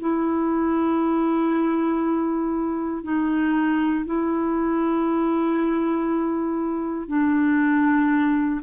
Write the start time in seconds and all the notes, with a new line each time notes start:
0.00 E4
3.04 D#4
4.05 E4
7.08 D4